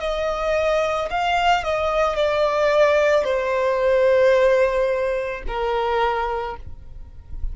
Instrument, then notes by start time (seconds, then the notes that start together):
violin
0.00 D#5
1.11 F5
1.64 D#5
2.16 D5
3.24 C5
5.47 A#4